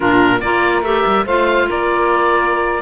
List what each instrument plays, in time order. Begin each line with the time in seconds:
0.00 cello A#2, clarinet D4, saxophone F4, oboe A#4
0.40 cello A#3, clarinet F4, saxophone A#4, oboe D5
0.82 cello A3, clarinet G4, oboe E5
1.06 cello G3
1.25 cello A3, clarinet F4, saxophone C5, oboe F5
1.68 cello A#3, saxophone A#4, oboe D5